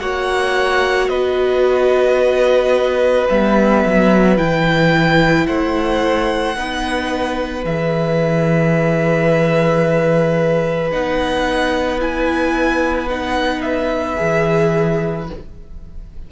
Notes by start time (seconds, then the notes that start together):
0.00 A#3 F#4 C#5 F#5
1.09 B3 B4 D#5
3.29 G3 B3 E5
3.86 F#3
4.37 E3 E4 G5
5.47 A3 C5 F#5
6.56 B3 D#4 B4
7.65 E3 G#4 E5
10.91 B3 D#4 F#5
11.99 E4 G#5
13.09 D#4 F#5
13.62 E5
14.16 E3 G#4